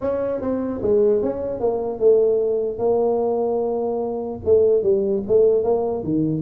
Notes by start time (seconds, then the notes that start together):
0.01 C#4
0.41 C4
0.82 G#3
1.22 C#4
1.59 A#3
1.99 A3
2.78 A#3
4.45 A3
4.82 G3
5.27 A3
5.63 A#3
6.03 D#3